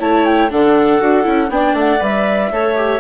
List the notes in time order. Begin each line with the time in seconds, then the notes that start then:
0.00 A3 E4 C#5 A5
0.26 G5
0.50 D3 D4 A4 F#5
1.01 D4 F#4
1.24 C#4 E4
1.49 B3 D4 D5 G5
1.73 A3 F#5
2.00 G3 B4 E5
2.51 A3 A4 C#5
2.76 G4